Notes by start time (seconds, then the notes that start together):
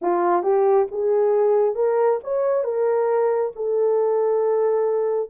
0.01 F4
0.43 G4
0.91 G#4
1.75 A#4
2.23 C#5
2.64 A#4
3.55 A4